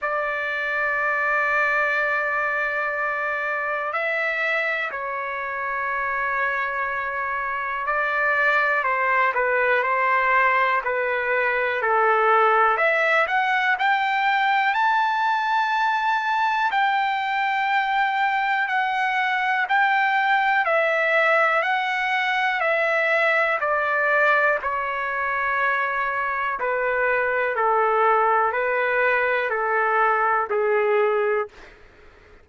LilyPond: \new Staff \with { instrumentName = "trumpet" } { \time 4/4 \tempo 4 = 61 d''1 | e''4 cis''2. | d''4 c''8 b'8 c''4 b'4 | a'4 e''8 fis''8 g''4 a''4~ |
a''4 g''2 fis''4 | g''4 e''4 fis''4 e''4 | d''4 cis''2 b'4 | a'4 b'4 a'4 gis'4 | }